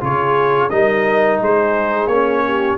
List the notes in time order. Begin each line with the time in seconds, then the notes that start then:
0.00 C#3 F4 G#4 C#5
0.70 G3 D#4 A#4 D#5
1.40 G#3 G#4 C5
2.07 A#3 C#4 C#5
2.46 G4